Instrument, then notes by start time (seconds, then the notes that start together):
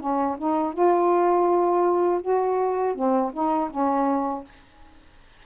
saxophone
0.00 C#4
0.38 D#4
0.74 F4
2.22 F#4
2.95 C4
3.33 D#4
3.70 C#4